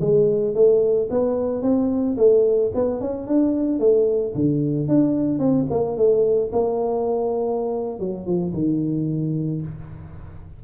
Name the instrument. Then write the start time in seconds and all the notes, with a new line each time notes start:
tuba
0.00 G#3
0.54 A3
1.10 B3
1.62 C4
2.17 A3
2.74 B3
3.00 C#4
3.27 D4
3.79 A3
4.35 D3
4.88 D4
5.39 C4
5.70 A#3
5.97 A3
6.52 A#3
7.99 F#3
8.26 F3
8.53 D#3